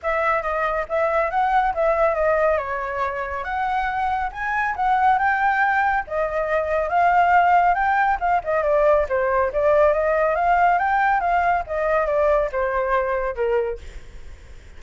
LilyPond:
\new Staff \with { instrumentName = "flute" } { \time 4/4 \tempo 4 = 139 e''4 dis''4 e''4 fis''4 | e''4 dis''4 cis''2 | fis''2 gis''4 fis''4 | g''2 dis''2 |
f''2 g''4 f''8 dis''8 | d''4 c''4 d''4 dis''4 | f''4 g''4 f''4 dis''4 | d''4 c''2 ais'4 | }